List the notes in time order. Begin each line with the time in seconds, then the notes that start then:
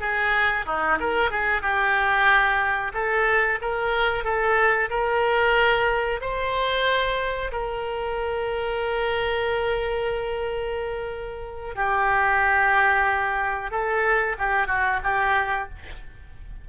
0.00 G#4
0.66 D#4
1.00 A#4
1.30 G#4
1.62 G4
2.94 A4
3.62 A#4
4.24 A4
4.90 A#4
6.21 C5
7.52 A#4
11.75 G4
13.71 A4
14.38 G4
14.67 F#4
15.04 G4